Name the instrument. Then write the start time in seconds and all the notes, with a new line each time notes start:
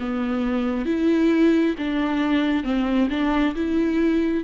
viola
0.00 B3
0.86 E4
1.78 D4
2.64 C4
3.10 D4
3.55 E4